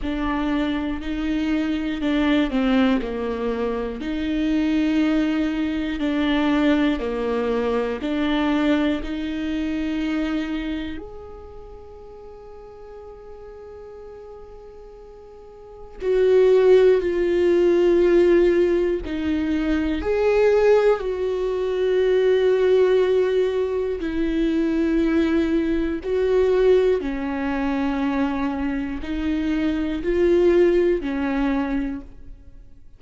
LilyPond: \new Staff \with { instrumentName = "viola" } { \time 4/4 \tempo 4 = 60 d'4 dis'4 d'8 c'8 ais4 | dis'2 d'4 ais4 | d'4 dis'2 gis'4~ | gis'1 |
fis'4 f'2 dis'4 | gis'4 fis'2. | e'2 fis'4 cis'4~ | cis'4 dis'4 f'4 cis'4 | }